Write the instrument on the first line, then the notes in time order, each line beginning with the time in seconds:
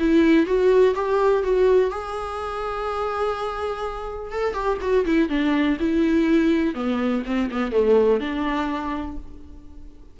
viola
0.00 E4
0.47 F#4
0.95 G4
1.44 F#4
1.91 G#4
4.32 A4
4.54 G4
4.81 F#4
5.06 E4
5.30 D4
5.80 E4
6.75 B3
7.26 C4
7.51 B3
7.72 A3
8.21 D4